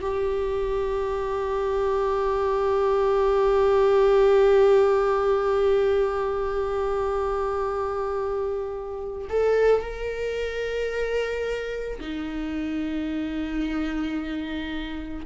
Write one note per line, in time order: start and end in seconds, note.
0.00 9.27 G4
9.29 9.81 A4
9.81 11.99 A#4
12.00 15.25 D#4